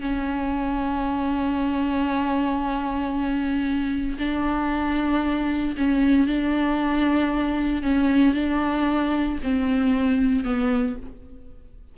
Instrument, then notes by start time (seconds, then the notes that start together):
viola
0.00 C#4
4.19 D4
5.77 C#4
6.27 D4
7.82 C#4
8.34 D4
9.43 C4
10.44 B3